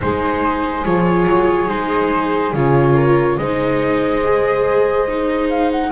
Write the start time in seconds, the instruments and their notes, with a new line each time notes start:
0.01 double bass G#3, viola D#4, horn G#4, flute C5
0.85 double bass F3, viola F4, flute C#5
1.27 double bass F#3
1.68 double bass G#3, viola D#4, flute C5
2.53 double bass C#3, viola F4, flute C#5
2.94 horn A#4
3.37 double bass G#3, viola D#4, horn C5, flute D#5
4.24 viola G#4
5.08 viola D#4
5.49 flute F5
5.71 flute F#5